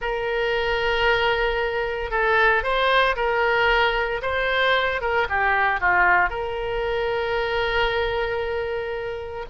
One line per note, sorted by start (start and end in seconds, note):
0.01 2.10 A#4
2.10 2.63 A4
2.63 3.15 C5
3.16 4.21 A#4
4.22 5.01 C5
5.01 5.27 A#4
5.29 5.80 G4
5.80 6.29 F4
6.29 9.45 A#4